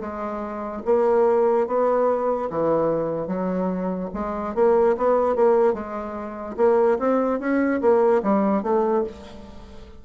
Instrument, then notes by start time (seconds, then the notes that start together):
bassoon
0.00 G#3
0.85 A#3
1.67 B3
2.50 E3
3.27 F#3
4.13 G#3
4.54 A#3
4.97 B3
5.35 A#3
5.73 G#3
6.56 A#3
6.99 C4
7.39 C#4
7.81 A#3
8.22 G3
8.62 A3